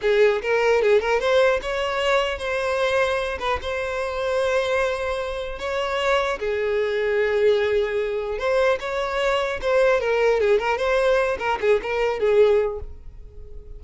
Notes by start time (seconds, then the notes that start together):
0.01 G#4
0.42 A#4
0.82 G#4
1.00 A#4
1.19 C5
1.62 C#5
2.38 C5
3.39 B4
3.61 C5
5.59 C#5
6.39 G#4
8.38 C5
8.80 C#5
9.61 C5
10.00 A#4
10.40 G#4
10.59 A#4
10.77 C5
11.38 A#4
11.61 G#4
11.82 A#4
12.19 G#4